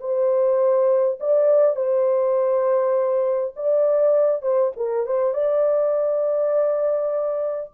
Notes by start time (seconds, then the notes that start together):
0.00 C5
1.20 D5
1.76 C5
3.56 D5
4.42 C5
4.76 A#4
5.06 C5
5.34 D5